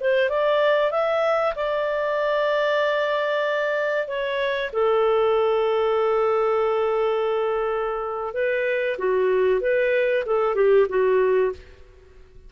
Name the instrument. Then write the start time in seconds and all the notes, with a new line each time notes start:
clarinet
0.00 C5
0.29 D5
0.91 E5
1.55 D5
4.07 C#5
4.73 A4
8.34 B4
8.98 F#4
9.60 B4
10.26 A4
10.55 G4
10.89 F#4